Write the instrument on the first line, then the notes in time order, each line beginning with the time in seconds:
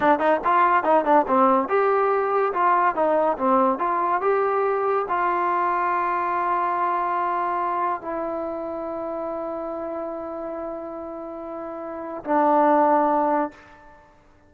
trombone
0.00 D4
0.19 D#4
0.44 F4
0.83 D#4
1.04 D4
1.27 C4
1.68 G4
2.53 F4
2.95 D#4
3.38 C4
3.78 F4
4.21 G4
5.08 F4
8.01 E4
12.24 D4